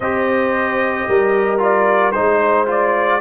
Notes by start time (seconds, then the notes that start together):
0.00 C4 G4 C5 D#5
1.08 G3 A#4
1.58 F4 D5
2.11 G#3 D#4 C5
2.66 F4 D5